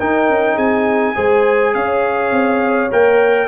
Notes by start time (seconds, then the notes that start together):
0.00 D#4 A#4 G5
0.30 C#4
0.55 C4 G#4 G#5
1.15 G#3 G#4 C5
1.75 C#4 C#5 F5
2.32 C4
2.92 A#3 A#4 G5